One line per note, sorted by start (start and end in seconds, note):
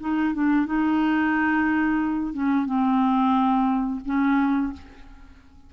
0.00 0.34 D#4
0.34 0.66 D4
0.66 2.33 D#4
2.33 2.65 C#4
2.65 4.00 C4
4.05 4.73 C#4